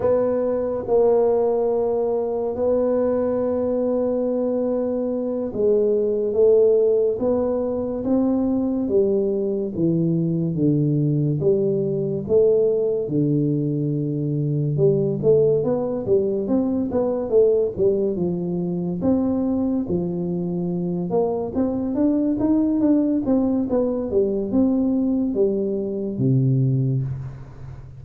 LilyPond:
\new Staff \with { instrumentName = "tuba" } { \time 4/4 \tempo 4 = 71 b4 ais2 b4~ | b2~ b8 gis4 a8~ | a8 b4 c'4 g4 e8~ | e8 d4 g4 a4 d8~ |
d4. g8 a8 b8 g8 c'8 | b8 a8 g8 f4 c'4 f8~ | f4 ais8 c'8 d'8 dis'8 d'8 c'8 | b8 g8 c'4 g4 c4 | }